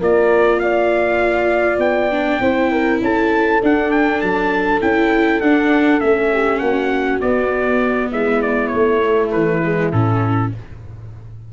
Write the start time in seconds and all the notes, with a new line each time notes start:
0.00 A#3 F4 A#4 D5
0.60 D5 F5
1.79 B3 G5
2.11 D4
2.40 C4 E4 C5
2.72 A#4
3.02 C#4 A4 A5
3.63 D4 F#5
3.91 G5
4.21 F#3 A5
4.82 C#4 E4 G5
5.41 D4 F#5
6.00 A3 C#4 E5
6.33 G4
6.59 A#3 F#4 F#5
7.21 B3 D5
8.12 G#3 E4 E5
8.42 D5
8.68 C#5
8.74 A3
9.02 A3
9.32 E3 B4
9.64 G#3
9.92 A2 C#4 A4